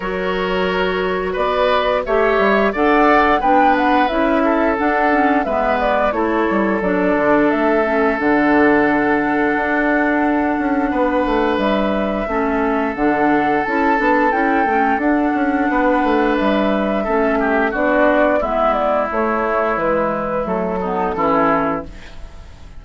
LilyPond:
<<
  \new Staff \with { instrumentName = "flute" } { \time 4/4 \tempo 4 = 88 cis''2 d''4 e''4 | fis''4 g''8 fis''8 e''4 fis''4 | e''8 d''8 cis''4 d''4 e''4 | fis''1~ |
fis''4 e''2 fis''4 | a''4 g''4 fis''2 | e''2 d''4 e''8 d''8 | cis''4 b'4 a'2 | }
  \new Staff \with { instrumentName = "oboe" } { \time 4/4 ais'2 b'4 cis''4 | d''4 b'4. a'4. | b'4 a'2.~ | a'1 |
b'2 a'2~ | a'2. b'4~ | b'4 a'8 g'8 fis'4 e'4~ | e'2~ e'8 dis'8 e'4 | }
  \new Staff \with { instrumentName = "clarinet" } { \time 4/4 fis'2. g'4 | a'4 d'4 e'4 d'8 cis'8 | b4 e'4 d'4. cis'8 | d'1~ |
d'2 cis'4 d'4 | e'8 d'8 e'8 cis'8 d'2~ | d'4 cis'4 d'4 b4 | a4 gis4 a8 b8 cis'4 | }
  \new Staff \with { instrumentName = "bassoon" } { \time 4/4 fis2 b4 a8 g8 | d'4 b4 cis'4 d'4 | gis4 a8 g8 fis8 d8 a4 | d2 d'4. cis'8 |
b8 a8 g4 a4 d4 | cis'8 b8 cis'8 a8 d'8 cis'8 b8 a8 | g4 a4 b4 gis4 | a4 e4 fis4 e4 | }
>>